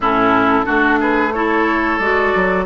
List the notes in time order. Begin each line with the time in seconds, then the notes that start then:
0.00 A2 C#4 E4 A4
0.64 A3 D4 F#4
0.99 G#4 B4
1.32 E4 A4 C#5
1.98 G#3 F#4 D5
2.35 F#3